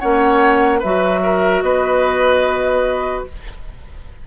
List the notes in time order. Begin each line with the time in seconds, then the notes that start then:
0.00 A#3 C#4 C#5 F#5
0.80 F#3 F#4 B4 E5
1.23 A#4
1.62 B3 B4 D#5